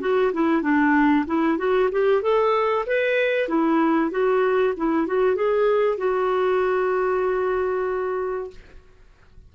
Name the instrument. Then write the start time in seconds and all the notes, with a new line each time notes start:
clarinet
0.00 F#4
0.33 E4
0.62 D4
1.26 E4
1.58 F#4
1.91 G4
2.22 A4
2.86 B4
3.48 E4
4.11 F#4
4.77 E4
5.06 F#4
5.35 G#4
5.97 F#4